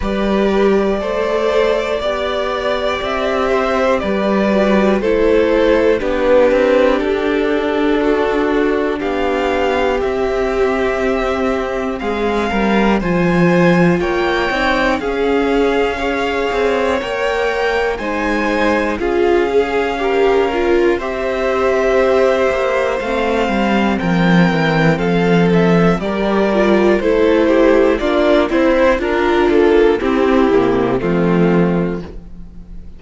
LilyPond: <<
  \new Staff \with { instrumentName = "violin" } { \time 4/4 \tempo 4 = 60 d''2. e''4 | d''4 c''4 b'4 a'4~ | a'4 f''4 e''2 | f''4 gis''4 g''4 f''4~ |
f''4 g''4 gis''4 f''4~ | f''4 e''2 f''4 | g''4 f''8 e''8 d''4 c''4 | d''8 c''8 ais'8 a'8 g'4 f'4 | }
  \new Staff \with { instrumentName = "violin" } { \time 4/4 b'4 c''4 d''4. c''8 | b'4 a'4 g'2 | fis'4 g'2. | gis'8 ais'8 c''4 cis''4 gis'4 |
cis''2 c''4 gis'4 | ais'4 c''2. | ais'4 a'4 ais'4 a'8 g'8 | f'8 e'8 d'4 e'4 c'4 | }
  \new Staff \with { instrumentName = "viola" } { \time 4/4 g'4 a'4 g'2~ | g'8 fis'8 e'4 d'2~ | d'2 c'2~ | c'4 f'4. dis'8 cis'4 |
gis'4 ais'4 dis'4 f'8 gis'8 | g'8 f'8 g'2 c'4~ | c'2 g'8 f'8 e'4 | d'8 e'8 f'4 c'8 ais8 a4 | }
  \new Staff \with { instrumentName = "cello" } { \time 4/4 g4 a4 b4 c'4 | g4 a4 b8 c'8 d'4~ | d'4 b4 c'2 | gis8 g8 f4 ais8 c'8 cis'4~ |
cis'8 c'8 ais4 gis4 cis'4~ | cis'4 c'4. ais8 a8 g8 | f8 e8 f4 g4 a4 | ais8 c'8 d'8 ais8 c'8 c8 f4 | }
>>